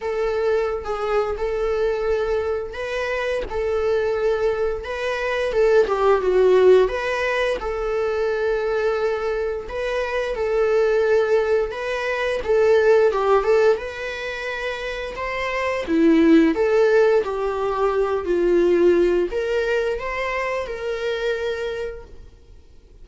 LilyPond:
\new Staff \with { instrumentName = "viola" } { \time 4/4 \tempo 4 = 87 a'4~ a'16 gis'8. a'2 | b'4 a'2 b'4 | a'8 g'8 fis'4 b'4 a'4~ | a'2 b'4 a'4~ |
a'4 b'4 a'4 g'8 a'8 | b'2 c''4 e'4 | a'4 g'4. f'4. | ais'4 c''4 ais'2 | }